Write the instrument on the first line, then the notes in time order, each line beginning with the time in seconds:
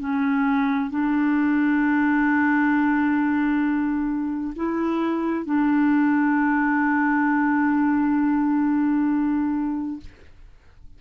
clarinet
0.00 C#4
0.90 D4
4.56 E4
5.45 D4